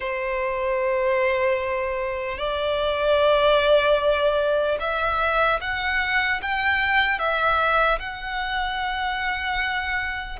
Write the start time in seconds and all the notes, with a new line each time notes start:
0.00 C5
2.37 D5
4.80 E5
5.60 F#5
6.42 G5
7.19 E5
7.99 F#5